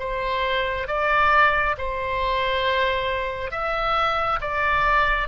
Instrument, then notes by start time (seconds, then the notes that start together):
oboe
0.00 C5
0.88 D5
1.78 C5
3.51 E5
4.41 D5